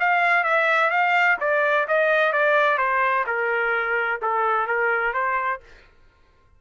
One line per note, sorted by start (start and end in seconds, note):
0.00 0.44 F5
0.44 0.90 E5
0.90 1.37 F5
1.40 1.87 D5
1.88 2.33 D#5
2.33 2.78 D5
2.78 3.25 C5
3.26 4.20 A#4
4.22 4.67 A4
4.67 5.13 A#4
5.13 5.60 C5